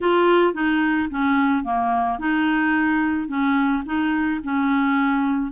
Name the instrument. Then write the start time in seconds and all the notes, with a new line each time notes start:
clarinet
0.01 F4
0.53 D#4
1.10 C#4
1.64 A#3
2.18 D#4
3.28 C#4
3.85 D#4
4.43 C#4